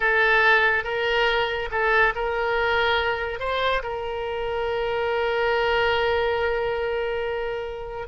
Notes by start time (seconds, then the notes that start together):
0.00 A4
0.84 A#4
1.71 A4
2.15 A#4
3.39 C5
3.83 A#4